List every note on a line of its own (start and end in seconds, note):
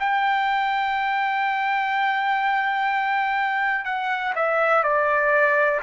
0.00 3.85 G5
3.85 4.33 F#5
4.35 4.83 E5
4.83 5.80 D5